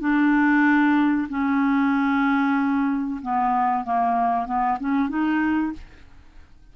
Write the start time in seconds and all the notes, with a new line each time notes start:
0.00 D4
1.29 C#4
3.22 B3
3.84 A#3
4.46 B3
4.80 C#4
5.09 D#4